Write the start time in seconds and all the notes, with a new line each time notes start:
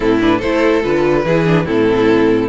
0.00 A2 C4 E4 A4
0.20 D4 B4
0.38 A3 E4 A4 C5
0.82 D3 F4 B4
1.25 E3 E4 G#4
1.45 D4
1.65 A2 C4 E4 A4